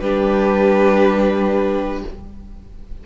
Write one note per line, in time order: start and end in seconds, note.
0.00 2.04 G3
0.00 2.06 D4
0.00 2.04 G4
0.00 2.03 B4